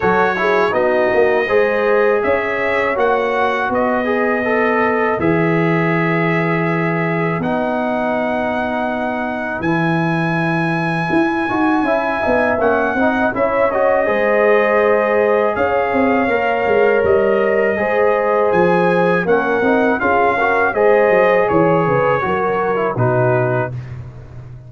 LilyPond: <<
  \new Staff \with { instrumentName = "trumpet" } { \time 4/4 \tempo 4 = 81 cis''4 dis''2 e''4 | fis''4 dis''2 e''4~ | e''2 fis''2~ | fis''4 gis''2.~ |
gis''4 fis''4 e''8 dis''4.~ | dis''4 f''2 dis''4~ | dis''4 gis''4 fis''4 f''4 | dis''4 cis''2 b'4 | }
  \new Staff \with { instrumentName = "horn" } { \time 4/4 a'8 gis'8 fis'4 c''4 cis''4~ | cis''4 b'2.~ | b'1~ | b'1 |
e''4. dis''8 cis''4 c''4~ | c''4 cis''2. | c''2 ais'4 gis'8 ais'8 | c''4 cis''8 b'8 ais'4 fis'4 | }
  \new Staff \with { instrumentName = "trombone" } { \time 4/4 fis'8 e'8 dis'4 gis'2 | fis'4. gis'8 a'4 gis'4~ | gis'2 dis'2~ | dis'4 e'2~ e'8 fis'8 |
e'8 dis'8 cis'8 dis'8 e'8 fis'8 gis'4~ | gis'2 ais'2 | gis'2 cis'8 dis'8 f'8 fis'8 | gis'2 fis'8. e'16 dis'4 | }
  \new Staff \with { instrumentName = "tuba" } { \time 4/4 fis4 b8 ais8 gis4 cis'4 | ais4 b2 e4~ | e2 b2~ | b4 e2 e'8 dis'8 |
cis'8 b8 ais8 c'8 cis'4 gis4~ | gis4 cis'8 c'8 ais8 gis8 g4 | gis4 f4 ais8 c'8 cis'4 | gis8 fis8 e8 cis8 fis4 b,4 | }
>>